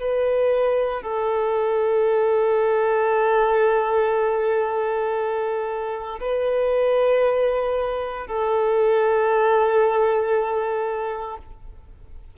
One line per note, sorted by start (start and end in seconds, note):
0.00 1.03 B4
1.03 6.20 A4
6.21 8.28 B4
8.28 11.38 A4